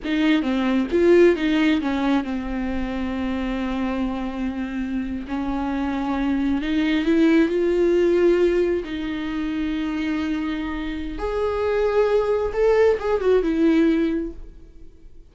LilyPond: \new Staff \with { instrumentName = "viola" } { \time 4/4 \tempo 4 = 134 dis'4 c'4 f'4 dis'4 | cis'4 c'2.~ | c'2.~ c'8. cis'16~ | cis'2~ cis'8. dis'4 e'16~ |
e'8. f'2. dis'16~ | dis'1~ | dis'4 gis'2. | a'4 gis'8 fis'8 e'2 | }